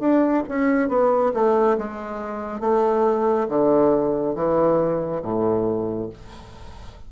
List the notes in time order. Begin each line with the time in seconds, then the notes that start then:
0.00 D4
0.49 C#4
0.89 B3
1.34 A3
1.78 G#3
2.60 A3
3.49 D3
4.35 E3
5.23 A2